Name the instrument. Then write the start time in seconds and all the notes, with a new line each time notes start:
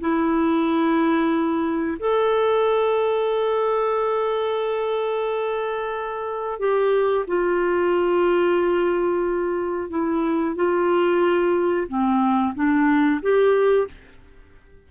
clarinet
0.00 E4
1.99 A4
6.59 G4
7.27 F4
9.90 E4
10.56 F4
11.88 C4
12.55 D4
13.22 G4